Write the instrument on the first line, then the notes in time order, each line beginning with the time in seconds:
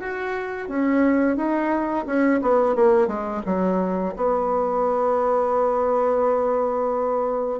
bassoon
0.00 F#4
0.69 C#4
1.36 D#4
2.06 C#4
2.41 B3
2.75 A#3
3.07 G#3
3.45 F#3
4.16 B3